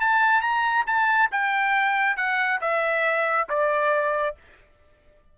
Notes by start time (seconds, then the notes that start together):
0.00 A5
0.41 A#5
0.86 A5
1.31 G5
2.16 F#5
2.61 E5
3.49 D5